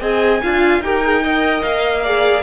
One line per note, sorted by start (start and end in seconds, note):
0.00 0.41 C4
0.00 0.41 G#4
0.00 0.41 D#5
0.00 0.82 G#5
0.42 0.80 D4
0.42 0.83 F4
0.42 0.83 F5
0.80 1.61 D#4
0.80 1.03 G4
0.80 1.23 A#4
0.80 1.62 G5
1.03 1.23 G#4
1.23 2.04 A#4
1.23 2.03 D#5
1.62 2.42 A#3
1.62 2.42 F5
2.03 2.42 G#4
2.03 2.42 D5